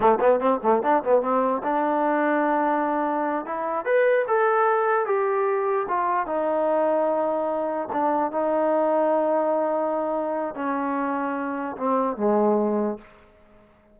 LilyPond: \new Staff \with { instrumentName = "trombone" } { \time 4/4 \tempo 4 = 148 a8 b8 c'8 a8 d'8 b8 c'4 | d'1~ | d'8 e'4 b'4 a'4.~ | a'8 g'2 f'4 dis'8~ |
dis'2.~ dis'8 d'8~ | d'8 dis'2.~ dis'8~ | dis'2 cis'2~ | cis'4 c'4 gis2 | }